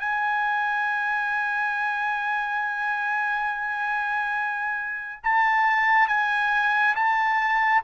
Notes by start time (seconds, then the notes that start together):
0.00 G#5
5.24 A5
6.08 G#5
6.96 A5